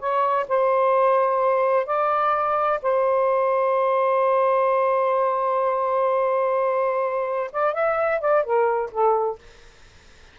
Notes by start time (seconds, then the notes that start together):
0.00 C#5
0.49 C5
1.87 D5
2.83 C5
7.53 D5
7.74 E5
8.21 D5
8.44 A#4
8.92 A4